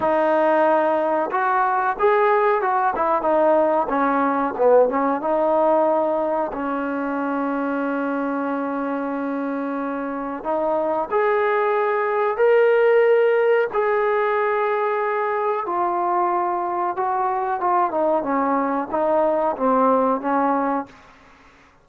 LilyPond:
\new Staff \with { instrumentName = "trombone" } { \time 4/4 \tempo 4 = 92 dis'2 fis'4 gis'4 | fis'8 e'8 dis'4 cis'4 b8 cis'8 | dis'2 cis'2~ | cis'1 |
dis'4 gis'2 ais'4~ | ais'4 gis'2. | f'2 fis'4 f'8 dis'8 | cis'4 dis'4 c'4 cis'4 | }